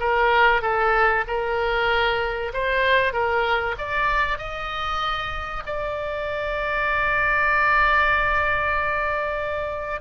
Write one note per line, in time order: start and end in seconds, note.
0.00 0.62 A#4
0.62 1.24 A4
1.27 2.52 A#4
2.53 3.13 C5
3.13 3.76 A#4
3.78 4.38 D5
4.38 5.63 D#5
5.66 10.01 D5